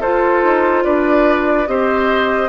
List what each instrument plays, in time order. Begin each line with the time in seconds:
0.00 bassoon F4, clarinet F4, oboe A4, flute C5
0.43 bassoon D#4
0.84 bassoon D4, oboe B4, flute D5
1.67 bassoon C4, clarinet G4, oboe C5, flute D#5